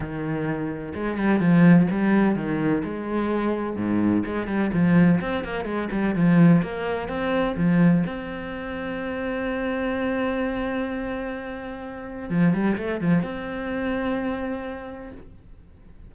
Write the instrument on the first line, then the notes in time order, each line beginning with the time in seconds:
cello
0.00 D#3
0.94 G#3
1.17 G3
1.39 F3
1.90 G3
2.35 D#3
2.84 G#3
3.76 G#2
4.25 G#3
4.47 G3
4.73 F3
5.20 C4
5.44 A#3
5.64 G#3
5.91 G3
6.15 F3
6.61 A#3
7.08 C4
7.56 F3
8.06 C4
12.29 F3
12.53 G3
12.77 A3
13.00 F3
13.22 C4